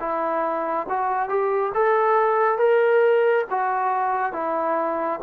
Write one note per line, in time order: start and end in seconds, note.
0.00 0.87 E4
0.89 1.29 F#4
1.29 1.73 G4
1.75 2.58 A4
2.58 3.45 A#4
3.51 4.33 F#4
4.33 5.20 E4